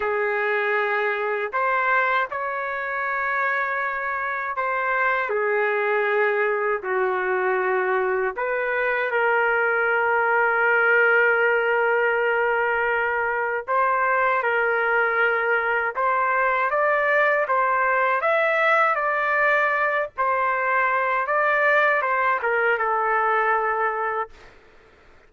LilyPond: \new Staff \with { instrumentName = "trumpet" } { \time 4/4 \tempo 4 = 79 gis'2 c''4 cis''4~ | cis''2 c''4 gis'4~ | gis'4 fis'2 b'4 | ais'1~ |
ais'2 c''4 ais'4~ | ais'4 c''4 d''4 c''4 | e''4 d''4. c''4. | d''4 c''8 ais'8 a'2 | }